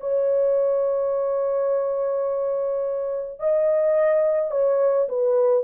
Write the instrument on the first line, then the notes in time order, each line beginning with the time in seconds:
horn
0.00 C#5
3.40 D#5
4.51 C#5
5.08 B4